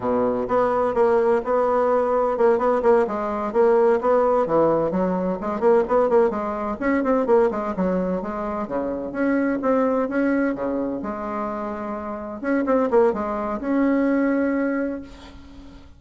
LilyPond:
\new Staff \with { instrumentName = "bassoon" } { \time 4/4 \tempo 4 = 128 b,4 b4 ais4 b4~ | b4 ais8 b8 ais8 gis4 ais8~ | ais8 b4 e4 fis4 gis8 | ais8 b8 ais8 gis4 cis'8 c'8 ais8 |
gis8 fis4 gis4 cis4 cis'8~ | cis'8 c'4 cis'4 cis4 gis8~ | gis2~ gis8 cis'8 c'8 ais8 | gis4 cis'2. | }